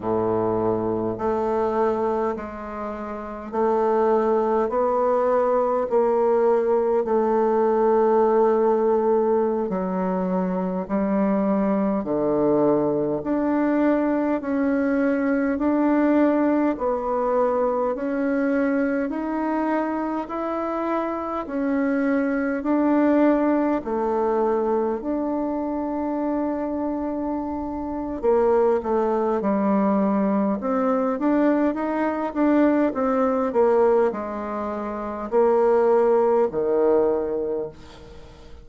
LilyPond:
\new Staff \with { instrumentName = "bassoon" } { \time 4/4 \tempo 4 = 51 a,4 a4 gis4 a4 | b4 ais4 a2~ | a16 fis4 g4 d4 d'8.~ | d'16 cis'4 d'4 b4 cis'8.~ |
cis'16 dis'4 e'4 cis'4 d'8.~ | d'16 a4 d'2~ d'8. | ais8 a8 g4 c'8 d'8 dis'8 d'8 | c'8 ais8 gis4 ais4 dis4 | }